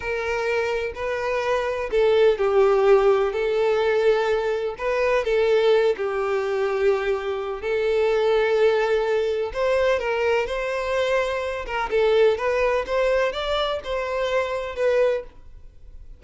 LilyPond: \new Staff \with { instrumentName = "violin" } { \time 4/4 \tempo 4 = 126 ais'2 b'2 | a'4 g'2 a'4~ | a'2 b'4 a'4~ | a'8 g'2.~ g'8 |
a'1 | c''4 ais'4 c''2~ | c''8 ais'8 a'4 b'4 c''4 | d''4 c''2 b'4 | }